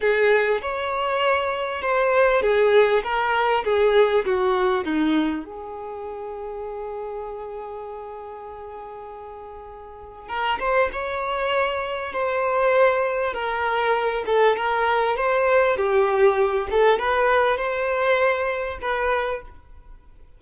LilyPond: \new Staff \with { instrumentName = "violin" } { \time 4/4 \tempo 4 = 99 gis'4 cis''2 c''4 | gis'4 ais'4 gis'4 fis'4 | dis'4 gis'2.~ | gis'1~ |
gis'4 ais'8 c''8 cis''2 | c''2 ais'4. a'8 | ais'4 c''4 g'4. a'8 | b'4 c''2 b'4 | }